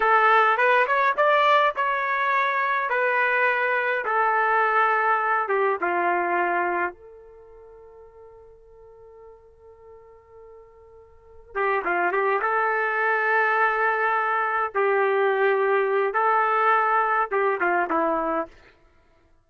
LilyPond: \new Staff \with { instrumentName = "trumpet" } { \time 4/4 \tempo 4 = 104 a'4 b'8 cis''8 d''4 cis''4~ | cis''4 b'2 a'4~ | a'4. g'8 f'2 | a'1~ |
a'1 | g'8 f'8 g'8 a'2~ a'8~ | a'4. g'2~ g'8 | a'2 g'8 f'8 e'4 | }